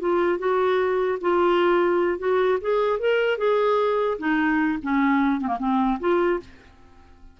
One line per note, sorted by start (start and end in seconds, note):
0.00 0.38 F4
0.38 1.18 F#4
1.21 2.19 F4
2.19 2.59 F#4
2.61 2.99 G#4
2.99 3.38 A#4
3.38 4.18 G#4
4.18 4.79 D#4
4.83 5.41 C#4
5.41 5.47 C4
5.47 5.57 A#3
5.59 5.99 C4
6.00 6.40 F4